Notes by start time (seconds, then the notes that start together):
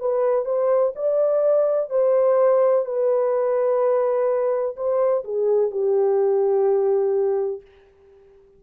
0.00 B4
0.45 C5
0.96 D5
1.90 C5
2.85 B4
4.76 C5
5.24 G#4
5.71 G4